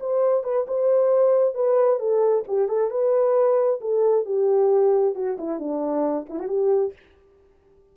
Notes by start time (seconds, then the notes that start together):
0.00 C5
0.43 B4
0.68 C5
1.54 B4
1.99 A4
2.47 G4
2.68 A4
2.90 B4
3.81 A4
4.25 G4
5.15 F#4
5.38 E4
5.59 D4
6.29 E4
6.39 F#4
6.48 G4